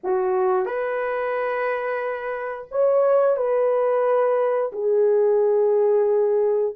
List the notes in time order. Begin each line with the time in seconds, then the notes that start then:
0.03 F#4
0.65 B4
2.71 C#5
3.36 B4
4.72 G#4